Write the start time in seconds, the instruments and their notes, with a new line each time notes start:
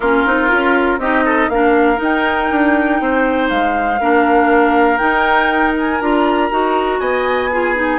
0.00 bassoon A#3, clarinet C#4, oboe F4, flute A#4
0.25 bassoon C4, clarinet D#4
0.48 bassoon C#4, clarinet F4
0.98 bassoon C4, clarinet D#4, oboe G4, flute D#5
1.24 oboe A4
1.48 bassoon A#3, clarinet D4, oboe A#4, flute F5
1.96 clarinet D#4, bassoon D#4
2.03 flute G5
2.50 bassoon D4
3.00 bassoon C4, oboe C5
3.49 bassoon G#3, flute F5
4.00 bassoon A#3, clarinet D4, oboe A#4
4.97 clarinet D#4, bassoon D#4, flute G5
5.78 flute G#5
6.00 bassoon D4, clarinet F4, flute A#5
6.50 bassoon D#4, clarinet F#4
6.99 bassoon B3, oboe D#5, flute G#5
7.51 clarinet F4, oboe G#4
7.75 clarinet D#4